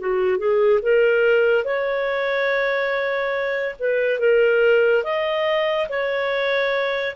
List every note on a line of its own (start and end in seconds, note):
0.00 0.38 F#4
0.38 0.80 G#4
0.82 1.64 A#4
1.64 3.76 C#5
3.80 4.20 B4
4.20 5.04 A#4
5.04 5.88 D#5
5.89 7.16 C#5